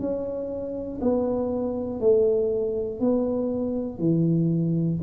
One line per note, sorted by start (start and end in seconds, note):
0.00 1.00 C#4
1.02 2.01 B3
2.01 3.01 A3
3.01 4.00 B3
4.00 5.00 E3